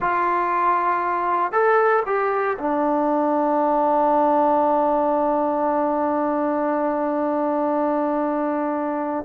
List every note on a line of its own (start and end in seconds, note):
0.00 1.52 F4
1.52 2.03 A4
2.06 2.57 G4
2.58 9.25 D4